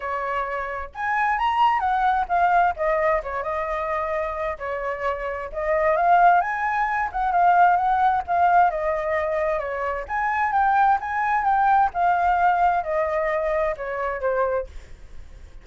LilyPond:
\new Staff \with { instrumentName = "flute" } { \time 4/4 \tempo 4 = 131 cis''2 gis''4 ais''4 | fis''4 f''4 dis''4 cis''8 dis''8~ | dis''2 cis''2 | dis''4 f''4 gis''4. fis''8 |
f''4 fis''4 f''4 dis''4~ | dis''4 cis''4 gis''4 g''4 | gis''4 g''4 f''2 | dis''2 cis''4 c''4 | }